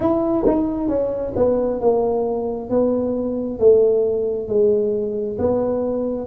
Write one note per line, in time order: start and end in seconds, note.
0.00 0.45 E4
0.46 0.88 D#4
0.88 1.33 C#4
1.36 1.80 B3
1.80 2.69 A#3
2.69 3.59 B3
3.59 4.48 A3
4.48 5.37 G#3
5.38 6.27 B3